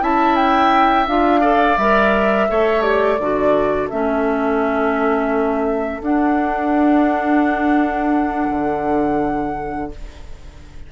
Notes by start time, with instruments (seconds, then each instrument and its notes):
0.00 bassoon C#4, clarinet E4, oboe E5, flute A5
0.36 flute G5
1.07 bassoon D4, clarinet F4, flute F5
1.40 clarinet A4, oboe D5
1.77 bassoon G3, clarinet A#4, flute E5
2.49 bassoon A3, clarinet A4, oboe C#5
2.82 clarinet G4, flute D5
3.19 bassoon D3, clarinet F#4, oboe A4
3.90 bassoon A3, clarinet C#4, flute E5
6.01 bassoon D4, clarinet D4, flute F#5
8.50 bassoon D3